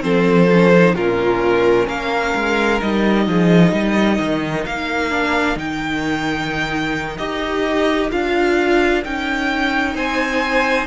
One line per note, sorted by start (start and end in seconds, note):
0.00 0.95 F3
0.00 0.46 C4
0.00 0.95 A4
0.00 0.95 C5
0.53 0.73 C#4
0.73 0.96 D#4
0.95 1.87 A#2
0.95 2.80 C#4
0.95 1.86 F4
0.95 1.88 A#4
1.86 2.34 A#3
1.86 3.24 A#4
1.86 2.81 F5
2.35 2.81 G#3
2.80 3.27 G3
2.80 5.11 D#4
2.80 4.66 D#5
3.27 3.72 F3
3.27 3.73 G#4
3.72 4.18 G3
3.72 9.95 A#4
4.19 4.65 D#3
4.66 5.56 A#3
4.66 5.58 F5
5.11 5.56 D4
5.56 7.17 D#3
5.56 7.17 D#4
5.56 7.17 G5
7.17 8.11 D#4
7.17 8.11 G4
7.17 8.10 D#5
8.11 9.04 D4
8.11 9.03 F4
8.11 9.04 F5
9.04 9.95 C#4
9.04 10.86 D#4
9.04 9.96 G5
9.95 10.86 C4
9.95 10.86 C5
9.95 10.86 G#5